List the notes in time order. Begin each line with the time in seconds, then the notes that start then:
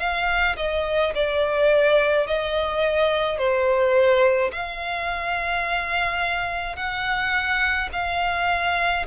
0.00 F5
0.57 D#5
1.15 D5
2.27 D#5
3.39 C5
4.53 F5
6.77 F#5
7.93 F5